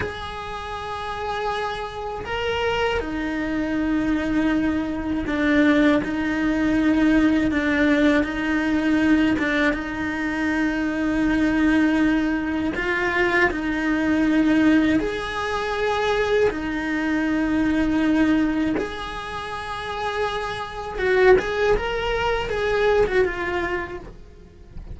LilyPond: \new Staff \with { instrumentName = "cello" } { \time 4/4 \tempo 4 = 80 gis'2. ais'4 | dis'2. d'4 | dis'2 d'4 dis'4~ | dis'8 d'8 dis'2.~ |
dis'4 f'4 dis'2 | gis'2 dis'2~ | dis'4 gis'2. | fis'8 gis'8 ais'4 gis'8. fis'16 f'4 | }